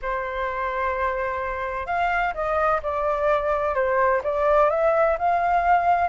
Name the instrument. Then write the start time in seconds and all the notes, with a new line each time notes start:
flute
0.01 C5
1.86 F5
2.34 D#5
2.82 D5
3.75 C5
4.23 D5
4.70 E5
5.18 F5